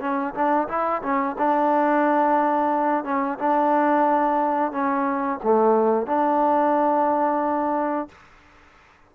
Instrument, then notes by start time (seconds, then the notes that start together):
trombone
0.00 C#4
0.34 D4
0.68 E4
1.02 C#4
1.38 D4
3.04 C#4
3.38 D4
4.72 C#4
5.43 A3
6.06 D4